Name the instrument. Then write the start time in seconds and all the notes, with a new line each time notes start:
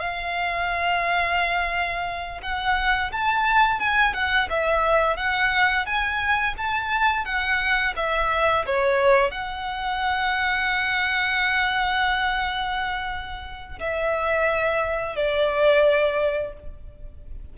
violin
0.00 F5
2.43 F#5
3.13 A5
3.80 G#5
4.14 F#5
4.50 E5
5.17 F#5
5.86 G#5
6.58 A5
7.25 F#5
7.97 E5
8.66 C#5
9.31 F#5
13.80 E5
15.16 D5